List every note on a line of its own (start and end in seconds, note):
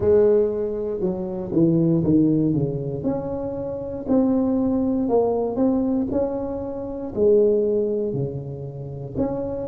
0.00 1.00 G#3
1.00 1.51 F#3
1.52 2.03 E3
2.03 2.53 D#3
2.53 3.03 C#3
3.03 4.05 C#4
4.07 5.08 C4
5.08 5.56 A#3
5.56 6.06 C4
6.11 7.13 C#4
7.14 8.13 G#3
8.13 9.15 C#3
9.17 9.67 C#4